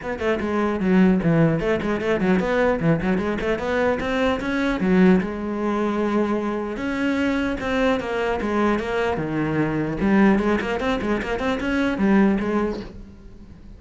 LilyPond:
\new Staff \with { instrumentName = "cello" } { \time 4/4 \tempo 4 = 150 b8 a8 gis4 fis4 e4 | a8 gis8 a8 fis8 b4 e8 fis8 | gis8 a8 b4 c'4 cis'4 | fis4 gis2.~ |
gis4 cis'2 c'4 | ais4 gis4 ais4 dis4~ | dis4 g4 gis8 ais8 c'8 gis8 | ais8 c'8 cis'4 g4 gis4 | }